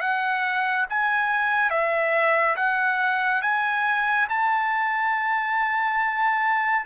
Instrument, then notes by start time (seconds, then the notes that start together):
trumpet
0.00 F#5
0.89 G#5
1.70 E5
2.56 F#5
3.41 G#5
4.29 A5